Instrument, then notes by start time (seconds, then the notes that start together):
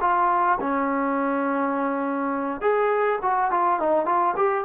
trombone
0.00 F4
0.60 C#4
2.61 G#4
3.22 F#4
3.51 F4
3.79 D#4
4.05 F4
4.36 G4